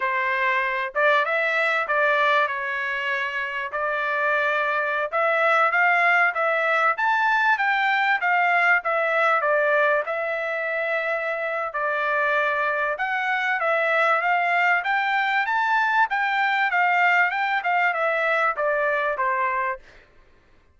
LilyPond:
\new Staff \with { instrumentName = "trumpet" } { \time 4/4 \tempo 4 = 97 c''4. d''8 e''4 d''4 | cis''2 d''2~ | d''16 e''4 f''4 e''4 a''8.~ | a''16 g''4 f''4 e''4 d''8.~ |
d''16 e''2~ e''8. d''4~ | d''4 fis''4 e''4 f''4 | g''4 a''4 g''4 f''4 | g''8 f''8 e''4 d''4 c''4 | }